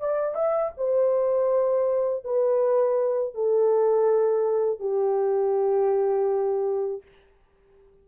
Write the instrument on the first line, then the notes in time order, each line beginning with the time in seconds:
horn
0.00 D5
0.35 E5
0.77 C5
2.25 B4
3.34 A4
4.79 G4